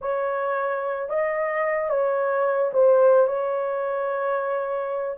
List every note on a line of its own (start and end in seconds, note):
0.01 1.09 C#5
1.09 1.89 D#5
1.89 2.71 C#5
2.73 3.27 C5
3.27 5.18 C#5